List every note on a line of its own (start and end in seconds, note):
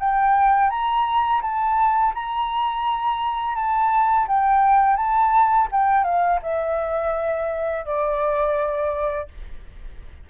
0.00 0.70 G5
0.70 1.42 A#5
1.42 2.14 A5
2.15 3.56 A#5
3.56 4.27 A5
4.28 4.97 G5
4.97 5.69 A5
5.72 6.05 G5
6.05 6.40 F5
6.43 7.86 E5
7.86 9.29 D5